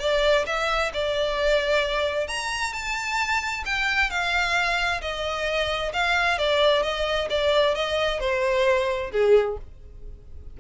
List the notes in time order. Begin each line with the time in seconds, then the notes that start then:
0.00 D5
0.47 E5
0.94 D5
2.28 A#5
2.73 A5
3.65 G5
4.10 F5
5.02 D#5
5.93 F5
6.38 D5
6.83 D#5
7.30 D5
7.75 D#5
8.20 C5
9.12 G#4